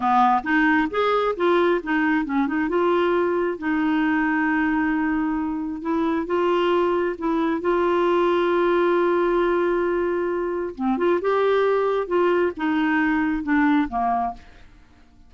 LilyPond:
\new Staff \with { instrumentName = "clarinet" } { \time 4/4 \tempo 4 = 134 b4 dis'4 gis'4 f'4 | dis'4 cis'8 dis'8 f'2 | dis'1~ | dis'4 e'4 f'2 |
e'4 f'2.~ | f'1 | c'8 f'8 g'2 f'4 | dis'2 d'4 ais4 | }